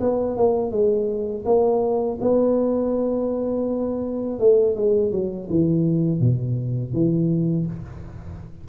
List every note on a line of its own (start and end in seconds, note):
0.00 0.37 B3
0.37 0.71 A#3
0.71 1.44 G#3
1.45 2.19 A#3
2.21 4.39 B3
4.39 4.76 A3
4.76 5.12 G#3
5.12 5.48 F#3
5.49 6.20 E3
6.20 6.93 B2
6.93 7.67 E3